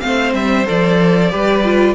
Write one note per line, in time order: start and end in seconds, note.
0.00 0.33 A3
0.00 0.65 C4
0.00 1.30 C5
0.00 0.32 F5
0.33 0.65 G3
0.33 0.66 E5
0.65 1.33 F3
0.65 1.29 A4
0.65 1.95 D5
1.29 1.95 G3
1.29 1.62 G4
1.29 1.95 B4
1.64 1.95 F4